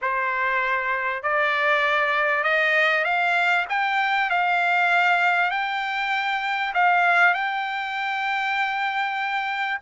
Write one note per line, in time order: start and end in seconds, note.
0.01 1.22 C5
1.22 2.43 D5
2.43 3.04 D#5
3.04 3.65 F5
3.69 4.30 G5
4.30 5.50 F5
5.50 6.73 G5
6.73 7.34 F5
7.34 9.78 G5